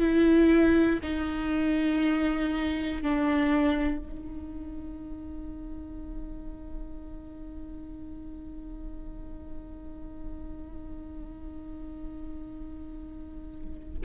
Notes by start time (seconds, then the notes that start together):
0.00 E4
1.03 D#4
3.02 D4
3.99 D#4